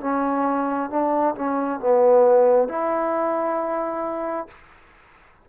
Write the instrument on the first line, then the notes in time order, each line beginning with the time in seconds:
trombone
0.00 C#4
0.90 D4
1.35 C#4
1.80 B3
2.68 E4